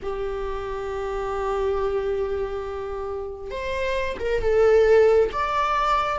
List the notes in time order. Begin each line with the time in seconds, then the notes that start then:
0.02 G4
3.51 C5
4.19 A#4
4.41 A4
5.32 D5